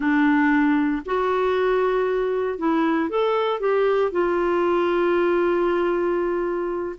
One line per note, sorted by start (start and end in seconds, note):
0.00 1.03 D4
1.05 2.58 F#4
2.58 3.09 E4
3.09 3.60 A4
3.60 4.11 G4
4.11 6.96 F4